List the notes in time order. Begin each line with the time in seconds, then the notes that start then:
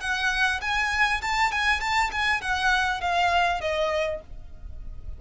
0.00 F#5
0.61 G#5
1.21 A5
1.51 G#5
1.80 A5
2.11 G#5
2.41 F#5
3.00 F5
3.60 D#5